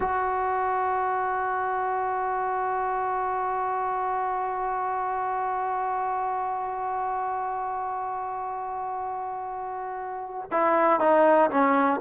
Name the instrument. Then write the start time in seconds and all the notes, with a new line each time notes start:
trombone
0.00 F#4
10.50 E4
11.00 D#4
11.50 C#4